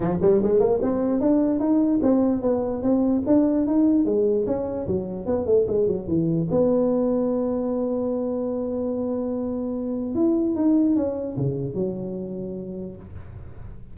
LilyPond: \new Staff \with { instrumentName = "tuba" } { \time 4/4 \tempo 4 = 148 f8 g8 gis8 ais8 c'4 d'4 | dis'4 c'4 b4 c'4 | d'4 dis'4 gis4 cis'4 | fis4 b8 a8 gis8 fis8 e4 |
b1~ | b1~ | b4 e'4 dis'4 cis'4 | cis4 fis2. | }